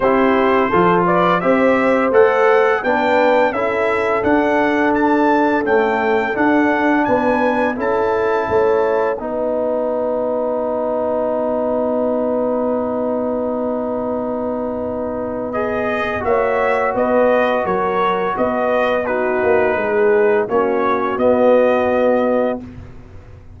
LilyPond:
<<
  \new Staff \with { instrumentName = "trumpet" } { \time 4/4 \tempo 4 = 85 c''4. d''8 e''4 fis''4 | g''4 e''4 fis''4 a''4 | g''4 fis''4 gis''4 a''4~ | a''4 fis''2.~ |
fis''1~ | fis''2 dis''4 e''4 | dis''4 cis''4 dis''4 b'4~ | b'4 cis''4 dis''2 | }
  \new Staff \with { instrumentName = "horn" } { \time 4/4 g'4 a'8 b'8 c''2 | b'4 a'2.~ | a'2 b'4 a'4 | cis''4 b'2.~ |
b'1~ | b'2. cis''4 | b'4 ais'4 b'4 fis'4 | gis'4 fis'2. | }
  \new Staff \with { instrumentName = "trombone" } { \time 4/4 e'4 f'4 g'4 a'4 | d'4 e'4 d'2 | a4 d'2 e'4~ | e'4 dis'2.~ |
dis'1~ | dis'2 gis'4 fis'4~ | fis'2. dis'4~ | dis'4 cis'4 b2 | }
  \new Staff \with { instrumentName = "tuba" } { \time 4/4 c'4 f4 c'4 a4 | b4 cis'4 d'2 | cis'4 d'4 b4 cis'4 | a4 b2.~ |
b1~ | b2. ais4 | b4 fis4 b4. ais8 | gis4 ais4 b2 | }
>>